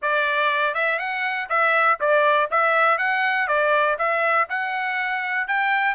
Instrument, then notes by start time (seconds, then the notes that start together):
trumpet
0.02 D5
0.74 E5
0.98 F#5
1.49 E5
2.00 D5
2.50 E5
2.98 F#5
3.47 D5
3.98 E5
4.49 F#5
5.47 G5